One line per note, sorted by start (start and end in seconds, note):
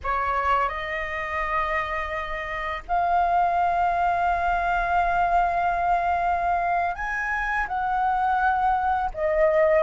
0.03 0.68 C#5
0.68 2.82 D#5
2.88 6.95 F5
6.95 7.66 G#5
7.67 9.10 F#5
9.14 9.83 D#5